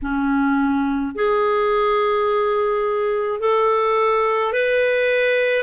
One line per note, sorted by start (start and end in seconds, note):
0.02 1.15 C#4
1.15 3.40 G#4
3.40 4.53 A4
4.53 5.62 B4